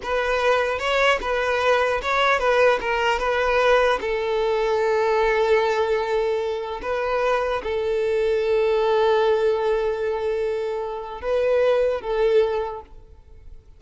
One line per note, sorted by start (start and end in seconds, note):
0.02 0.79 B4
0.79 1.19 C#5
1.21 2.01 B4
2.02 2.39 C#5
2.39 2.79 B4
2.81 3.19 A#4
3.19 3.99 B4
4.01 6.81 A4
6.81 7.61 B4
7.63 11.21 A4
11.21 12.01 B4
12.01 12.81 A4